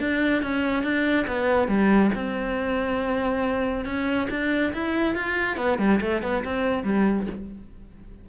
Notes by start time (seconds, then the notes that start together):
0.00 D4
0.42 C#4
0.83 D4
1.28 B3
1.68 G3
2.15 C4
3.85 C#4
4.30 D4
4.74 E4
5.15 F4
5.57 B3
5.79 G3
6.01 A3
6.23 B3
6.45 C4
6.84 G3